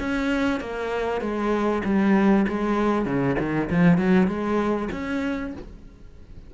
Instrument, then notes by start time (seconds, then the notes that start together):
cello
0.00 C#4
0.60 A#3
1.21 G#3
1.85 G3
2.48 G#3
3.06 C#3
3.39 D#3
3.70 F3
3.98 F#3
4.27 G#3
4.92 C#4